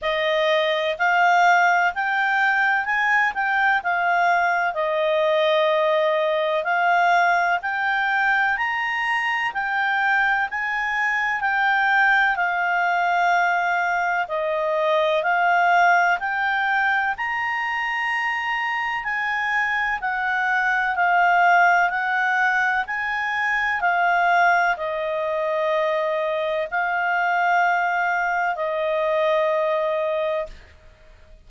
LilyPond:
\new Staff \with { instrumentName = "clarinet" } { \time 4/4 \tempo 4 = 63 dis''4 f''4 g''4 gis''8 g''8 | f''4 dis''2 f''4 | g''4 ais''4 g''4 gis''4 | g''4 f''2 dis''4 |
f''4 g''4 ais''2 | gis''4 fis''4 f''4 fis''4 | gis''4 f''4 dis''2 | f''2 dis''2 | }